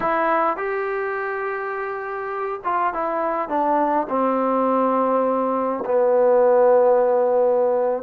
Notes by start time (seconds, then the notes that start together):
0.00 E4
0.57 G4
2.64 F4
2.93 E4
3.48 D4
4.09 C4
5.85 B3